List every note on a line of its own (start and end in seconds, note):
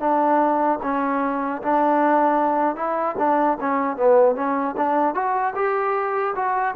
0.00 0.79 D4
0.83 1.62 C#4
1.62 2.76 D4
2.76 3.15 E4
3.18 3.58 D4
3.60 3.97 C#4
3.97 4.35 B3
4.35 4.75 C#4
4.77 5.15 D4
5.15 5.54 F#4
5.56 6.34 G4
6.36 6.75 F#4